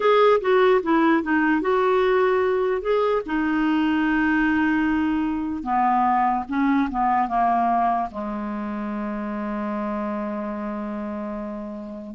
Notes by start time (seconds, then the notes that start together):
0.00 G#4
0.41 F#4
0.83 E4
1.22 D#4
1.61 F#4
2.81 G#4
3.26 D#4
5.63 B3
6.48 C#4
6.90 B3
7.28 A#3
8.11 G#3